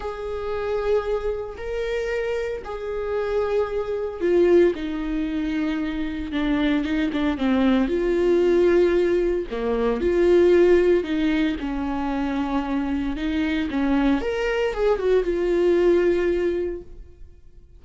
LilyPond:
\new Staff \with { instrumentName = "viola" } { \time 4/4 \tempo 4 = 114 gis'2. ais'4~ | ais'4 gis'2. | f'4 dis'2. | d'4 dis'8 d'8 c'4 f'4~ |
f'2 ais4 f'4~ | f'4 dis'4 cis'2~ | cis'4 dis'4 cis'4 ais'4 | gis'8 fis'8 f'2. | }